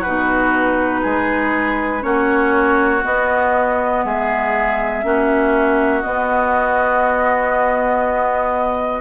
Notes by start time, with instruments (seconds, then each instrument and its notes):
0.00 clarinet D#4, oboe F#4, flute B4
0.06 bassoon B2
1.02 bassoon G#3, oboe G#4
2.00 bassoon A#3, clarinet C#4, oboe F#4, flute C#5
3.03 clarinet B3, bassoon B3, flute D#5
4.04 bassoon G#3, oboe G#4, flute E5
5.03 bassoon A#3, clarinet C#4, oboe F#4
6.02 clarinet B3, bassoon B3, flute D#5